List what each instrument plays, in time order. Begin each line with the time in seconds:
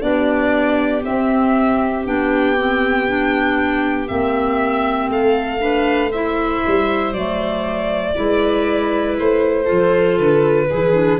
0.00 tuba B3, clarinet D4, viola G4, violin D5
1.03 clarinet C4, tuba C4, violin E5
2.05 tuba B3, clarinet D4, violin G5
2.57 clarinet C4
3.07 clarinet D4
4.07 tuba A#3, clarinet C4, violin E5
5.09 tuba A3, viola A4, violin F5
5.59 clarinet D4, viola B4
6.10 clarinet E4, viola C5, violin E5
6.67 tuba G3
7.12 tuba F#3, clarinet A3, violin D5
8.15 tuba G#3, clarinet E4, viola B4
9.18 tuba A3, violin C5
9.64 tuba F3, clarinet F4, viola A4
10.18 tuba D3, violin B4
10.68 tuba E3, clarinet E4, viola G#4
10.93 clarinet D4